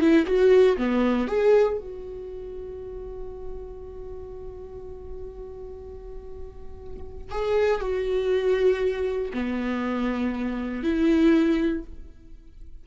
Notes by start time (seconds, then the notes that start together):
0.00 E4
0.26 F#4
0.77 B3
1.27 G#4
1.78 F#4
7.31 G#4
7.80 F#4
9.33 B3
10.83 E4